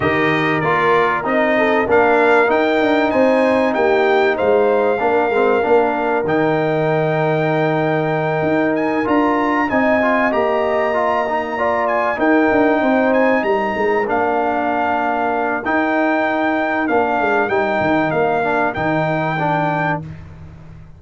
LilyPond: <<
  \new Staff \with { instrumentName = "trumpet" } { \time 4/4 \tempo 4 = 96 dis''4 d''4 dis''4 f''4 | g''4 gis''4 g''4 f''4~ | f''2 g''2~ | g''2 gis''8 ais''4 gis''8~ |
gis''8 ais''2~ ais''8 gis''8 g''8~ | g''4 gis''8 ais''4 f''4.~ | f''4 g''2 f''4 | g''4 f''4 g''2 | }
  \new Staff \with { instrumentName = "horn" } { \time 4/4 ais'2~ ais'8 a'8 ais'4~ | ais'4 c''4 g'4 c''4 | ais'1~ | ais'2.~ ais'8 dis''8~ |
dis''2~ dis''8 d''4 ais'8~ | ais'8 c''4 ais'2~ ais'8~ | ais'1~ | ais'1 | }
  \new Staff \with { instrumentName = "trombone" } { \time 4/4 g'4 f'4 dis'4 d'4 | dis'1 | d'8 c'8 d'4 dis'2~ | dis'2~ dis'8 f'4 dis'8 |
f'8 g'4 f'8 dis'8 f'4 dis'8~ | dis'2~ dis'8 d'4.~ | d'4 dis'2 d'4 | dis'4. d'8 dis'4 d'4 | }
  \new Staff \with { instrumentName = "tuba" } { \time 4/4 dis4 ais4 c'4 ais4 | dis'8 d'8 c'4 ais4 gis4 | ais8 gis8 ais4 dis2~ | dis4. dis'4 d'4 c'8~ |
c'8 ais2. dis'8 | d'8 c'4 g8 gis8 ais4.~ | ais4 dis'2 ais8 gis8 | g8 dis8 ais4 dis2 | }
>>